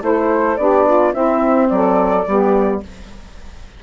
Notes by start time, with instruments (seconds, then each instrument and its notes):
0.00 bassoon A3, saxophone E4 A4, flute C5
0.57 bassoon B3, saxophone D4 G4, flute D5
0.86 saxophone F4
1.12 saxophone C4 E4, bassoon C4, flute E5
1.69 bassoon F#3, saxophone A4, flute D5
2.26 bassoon G3, saxophone B3 G4